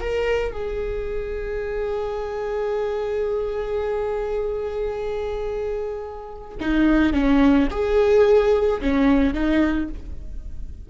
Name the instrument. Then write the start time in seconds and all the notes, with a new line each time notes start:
viola
0.00 A#4
0.52 G#4
6.60 D#4
7.13 C#4
7.70 G#4
8.81 C#4
9.34 D#4